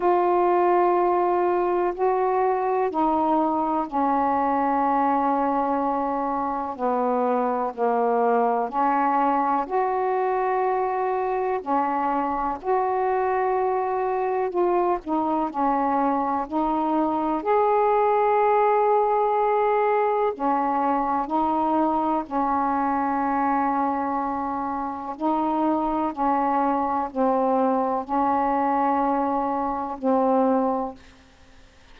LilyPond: \new Staff \with { instrumentName = "saxophone" } { \time 4/4 \tempo 4 = 62 f'2 fis'4 dis'4 | cis'2. b4 | ais4 cis'4 fis'2 | cis'4 fis'2 f'8 dis'8 |
cis'4 dis'4 gis'2~ | gis'4 cis'4 dis'4 cis'4~ | cis'2 dis'4 cis'4 | c'4 cis'2 c'4 | }